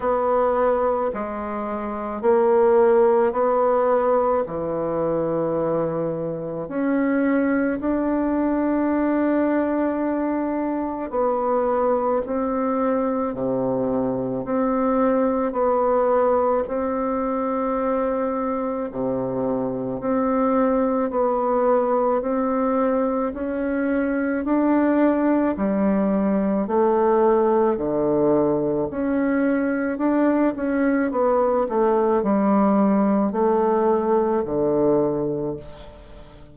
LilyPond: \new Staff \with { instrumentName = "bassoon" } { \time 4/4 \tempo 4 = 54 b4 gis4 ais4 b4 | e2 cis'4 d'4~ | d'2 b4 c'4 | c4 c'4 b4 c'4~ |
c'4 c4 c'4 b4 | c'4 cis'4 d'4 g4 | a4 d4 cis'4 d'8 cis'8 | b8 a8 g4 a4 d4 | }